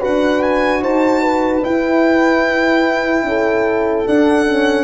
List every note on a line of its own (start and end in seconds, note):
0.00 0.82 D4
0.00 1.63 F#4
0.00 0.81 B4
0.00 0.43 F#5
0.43 0.83 G#5
0.82 1.64 D#4
0.82 1.22 C5
0.82 1.65 A5
1.22 3.24 B4
1.64 4.07 E4
1.64 3.24 E4
1.64 4.08 G5
3.24 4.05 C#4
3.24 4.84 A4
4.07 4.48 D4
4.07 4.84 D4
4.07 4.84 F#5
4.48 4.84 C#4